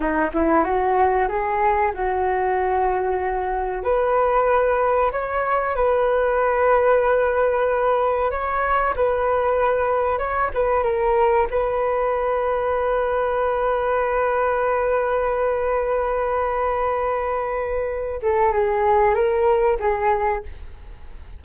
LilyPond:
\new Staff \with { instrumentName = "flute" } { \time 4/4 \tempo 4 = 94 dis'8 e'8 fis'4 gis'4 fis'4~ | fis'2 b'2 | cis''4 b'2.~ | b'4 cis''4 b'2 |
cis''8 b'8 ais'4 b'2~ | b'1~ | b'1~ | b'8 a'8 gis'4 ais'4 gis'4 | }